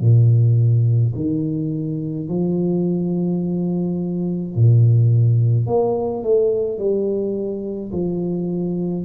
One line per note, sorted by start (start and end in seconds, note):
0.00 1.13 A#2
1.15 2.28 D#3
2.28 4.55 F3
4.55 5.66 A#2
5.66 6.23 A#3
6.23 6.78 A3
6.78 7.91 G3
7.92 9.05 F3